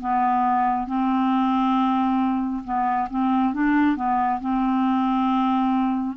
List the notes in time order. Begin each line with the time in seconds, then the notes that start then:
0.00 B3
0.87 C4
2.64 B3
3.10 C4
3.53 D4
3.96 B3
4.40 C4